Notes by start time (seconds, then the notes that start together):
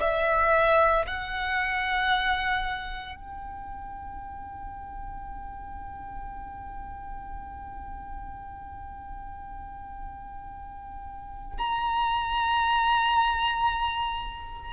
0.00 E5
1.07 F#5
3.15 G5
11.58 A#5